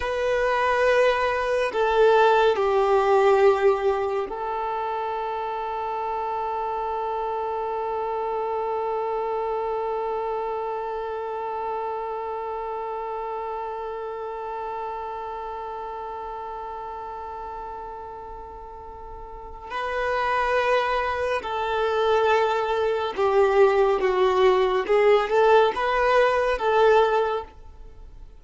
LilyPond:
\new Staff \with { instrumentName = "violin" } { \time 4/4 \tempo 4 = 70 b'2 a'4 g'4~ | g'4 a'2.~ | a'1~ | a'1~ |
a'1~ | a'2. b'4~ | b'4 a'2 g'4 | fis'4 gis'8 a'8 b'4 a'4 | }